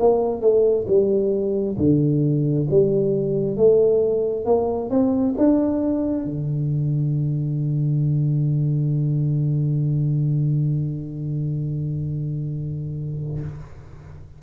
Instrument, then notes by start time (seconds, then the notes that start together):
tuba
0.00 A#3
0.42 A3
0.88 G3
1.78 D3
2.71 G3
3.57 A3
4.46 A#3
4.90 C4
5.38 D4
6.25 D3